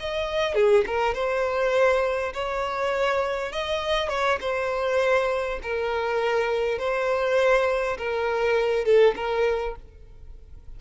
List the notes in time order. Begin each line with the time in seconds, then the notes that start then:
0.00 D#5
0.55 G#4
0.87 A#4
1.14 C5
2.34 C#5
3.53 D#5
4.09 C#5
4.41 C5
5.63 A#4
6.79 C5
7.98 A#4
8.85 A4
9.16 A#4